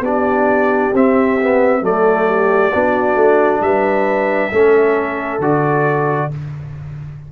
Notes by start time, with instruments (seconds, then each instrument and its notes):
0.00 tuba B3, trombone D4, horn G4, trumpet D5
0.93 tuba C4, trombone C4, trumpet E5
1.41 trombone B3
1.81 tuba F#3, trombone A3, horn A4, trumpet D5
2.28 horn G4
2.72 tuba B3, trombone D4, horn F#4
3.15 tuba A3
3.60 tuba G3, horn B4, trumpet E5
4.52 tuba A3, trombone C#4, horn A4
5.39 tuba D3, trombone F#4, trumpet D5